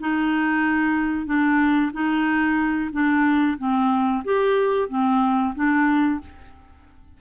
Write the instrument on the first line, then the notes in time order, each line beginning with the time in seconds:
clarinet
0.00 D#4
1.26 D4
1.93 D#4
2.92 D4
3.58 C4
4.25 G4
4.89 C4
5.56 D4